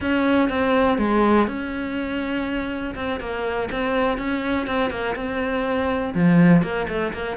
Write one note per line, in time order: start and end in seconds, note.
0.00 0.49 C#4
0.49 0.97 C4
0.97 1.47 G#3
1.47 2.94 C#4
2.95 3.19 C4
3.20 3.69 A#3
3.71 4.18 C4
4.18 4.66 C#4
4.66 4.90 C4
4.90 5.15 A#3
5.15 6.13 C4
6.14 6.62 F3
6.62 6.87 A#3
6.88 7.12 A3
7.13 7.37 A#3